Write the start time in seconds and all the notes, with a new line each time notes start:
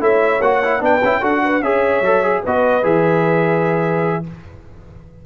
0.00 A3 E4 C#5 E5
0.41 A#3 F#4 F#5
0.64 E4
0.80 B3 D4 B4 G5
1.03 C#4 E4
1.21 D4 F#4 A4 F#5
1.44 B4
1.62 C#4 G#4 C#5 E5
2.01 F#3 A4
2.23 G#4
2.43 B3 F#4 B4 D#5
2.83 E3 G#4 E5